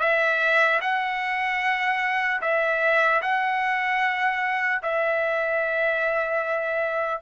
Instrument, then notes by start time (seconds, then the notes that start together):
trumpet
0.00 E5
0.81 F#5
2.41 E5
3.22 F#5
4.83 E5